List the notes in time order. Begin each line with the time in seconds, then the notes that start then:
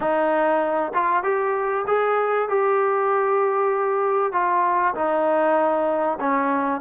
0.00 D#4
0.94 F4
1.23 G4
1.87 G#4
2.49 G4
4.32 F4
4.94 D#4
6.20 C#4